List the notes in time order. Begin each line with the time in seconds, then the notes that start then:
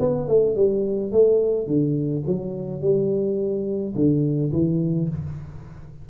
0.00 B3
0.28 A3
0.56 G3
1.12 A3
1.67 D3
2.27 F#3
2.81 G3
3.96 D3
4.53 E3